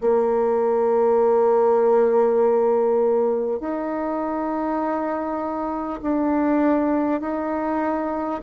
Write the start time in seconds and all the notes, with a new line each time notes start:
0.00 A#3
3.59 D#4
6.02 D4
7.20 D#4